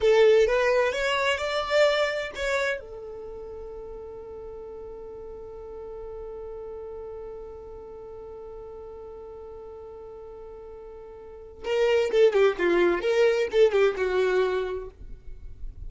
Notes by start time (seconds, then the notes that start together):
0.00 A4
0.47 B4
0.92 C#5
1.38 D5
2.35 C#5
2.79 A4
11.64 A#4
12.11 A4
12.33 G4
12.58 F4
13.01 A#4
13.51 A4
13.71 G4
13.96 F#4